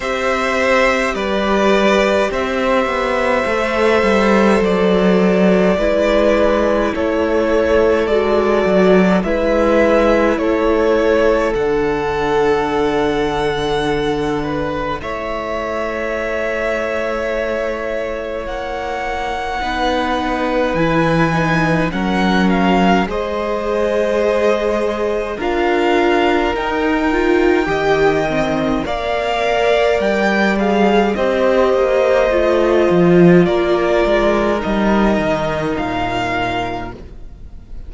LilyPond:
<<
  \new Staff \with { instrumentName = "violin" } { \time 4/4 \tempo 4 = 52 e''4 d''4 e''2 | d''2 cis''4 d''4 | e''4 cis''4 fis''2~ | fis''4 e''2. |
fis''2 gis''4 fis''8 f''8 | dis''2 f''4 g''4~ | g''4 f''4 g''8 f''8 dis''4~ | dis''4 d''4 dis''4 f''4 | }
  \new Staff \with { instrumentName = "violin" } { \time 4/4 c''4 b'4 c''2~ | c''4 b'4 a'2 | b'4 a'2.~ | a'8 b'8 cis''2.~ |
cis''4 b'2 ais'4 | c''2 ais'2 | dis''4 d''2 c''4~ | c''4 ais'2. | }
  \new Staff \with { instrumentName = "viola" } { \time 4/4 g'2. a'4~ | a'4 e'2 fis'4 | e'2 d'2~ | d'4 e'2.~ |
e'4 dis'4 e'8 dis'8 cis'4 | gis'2 f'4 dis'8 f'8 | g'8 c'8 ais'4. gis'8 g'4 | f'2 dis'2 | }
  \new Staff \with { instrumentName = "cello" } { \time 4/4 c'4 g4 c'8 b8 a8 g8 | fis4 gis4 a4 gis8 fis8 | gis4 a4 d2~ | d4 a2. |
ais4 b4 e4 fis4 | gis2 d'4 dis'4 | dis4 ais4 g4 c'8 ais8 | a8 f8 ais8 gis8 g8 dis8 ais,4 | }
>>